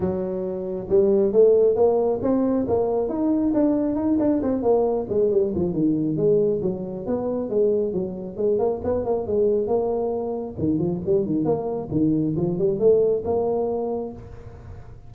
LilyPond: \new Staff \with { instrumentName = "tuba" } { \time 4/4 \tempo 4 = 136 fis2 g4 a4 | ais4 c'4 ais4 dis'4 | d'4 dis'8 d'8 c'8 ais4 gis8 | g8 f8 dis4 gis4 fis4 |
b4 gis4 fis4 gis8 ais8 | b8 ais8 gis4 ais2 | dis8 f8 g8 dis8 ais4 dis4 | f8 g8 a4 ais2 | }